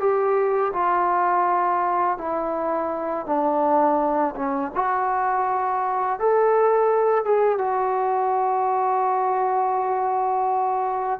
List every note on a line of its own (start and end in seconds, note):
0.00 0.72 G4
0.74 2.18 F4
2.18 3.26 E4
3.26 4.35 D4
4.36 4.72 C#4
4.75 6.20 F#4
6.20 7.25 A4
7.25 7.58 G#4
7.58 11.20 F#4